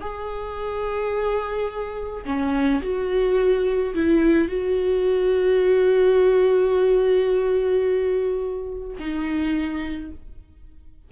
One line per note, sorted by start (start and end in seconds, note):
0.00 2.24 G#4
2.25 2.81 C#4
2.81 3.94 F#4
3.94 4.48 E4
4.48 8.96 F#4
8.99 10.11 D#4